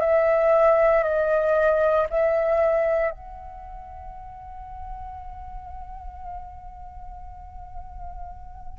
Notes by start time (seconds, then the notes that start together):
0.00 E5
1.03 D#5
2.10 E5
3.11 F#5